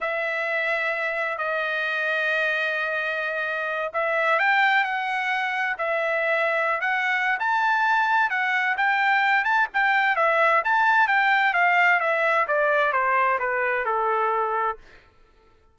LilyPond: \new Staff \with { instrumentName = "trumpet" } { \time 4/4 \tempo 4 = 130 e''2. dis''4~ | dis''1~ | dis''8 e''4 g''4 fis''4.~ | fis''8 e''2~ e''16 fis''4~ fis''16 |
a''2 fis''4 g''4~ | g''8 a''8 g''4 e''4 a''4 | g''4 f''4 e''4 d''4 | c''4 b'4 a'2 | }